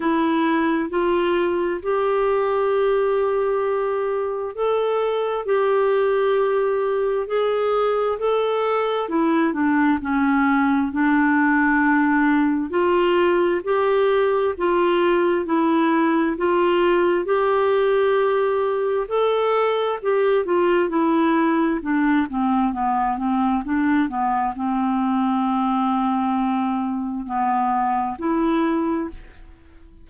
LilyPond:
\new Staff \with { instrumentName = "clarinet" } { \time 4/4 \tempo 4 = 66 e'4 f'4 g'2~ | g'4 a'4 g'2 | gis'4 a'4 e'8 d'8 cis'4 | d'2 f'4 g'4 |
f'4 e'4 f'4 g'4~ | g'4 a'4 g'8 f'8 e'4 | d'8 c'8 b8 c'8 d'8 b8 c'4~ | c'2 b4 e'4 | }